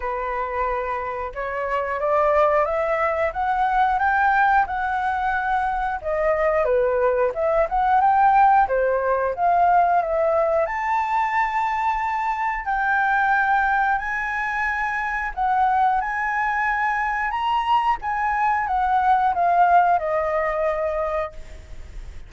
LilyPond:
\new Staff \with { instrumentName = "flute" } { \time 4/4 \tempo 4 = 90 b'2 cis''4 d''4 | e''4 fis''4 g''4 fis''4~ | fis''4 dis''4 b'4 e''8 fis''8 | g''4 c''4 f''4 e''4 |
a''2. g''4~ | g''4 gis''2 fis''4 | gis''2 ais''4 gis''4 | fis''4 f''4 dis''2 | }